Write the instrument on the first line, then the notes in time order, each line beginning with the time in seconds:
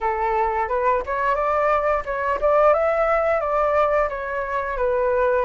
flute
0.00 A4
0.68 B4
1.06 C#5
1.35 D5
2.05 C#5
2.40 D5
2.73 E5
3.40 D5
4.09 C#5
4.77 B4